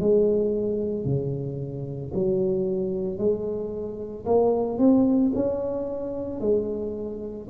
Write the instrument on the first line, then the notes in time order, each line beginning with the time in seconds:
tuba
0.00 G#3
1.05 C#3
2.14 F#3
3.18 G#3
4.26 A#3
4.78 C4
5.35 C#4
6.40 G#3